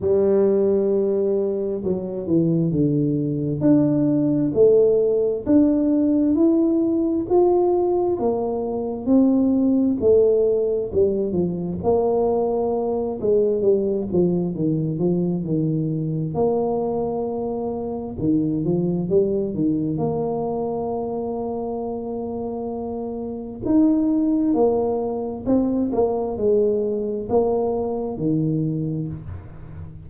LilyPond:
\new Staff \with { instrumentName = "tuba" } { \time 4/4 \tempo 4 = 66 g2 fis8 e8 d4 | d'4 a4 d'4 e'4 | f'4 ais4 c'4 a4 | g8 f8 ais4. gis8 g8 f8 |
dis8 f8 dis4 ais2 | dis8 f8 g8 dis8 ais2~ | ais2 dis'4 ais4 | c'8 ais8 gis4 ais4 dis4 | }